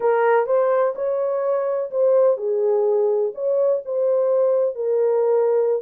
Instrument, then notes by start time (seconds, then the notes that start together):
horn
0.00 A#4
0.46 C5
0.95 C#5
1.90 C5
2.37 G#4
3.34 C#5
3.85 C5
4.75 A#4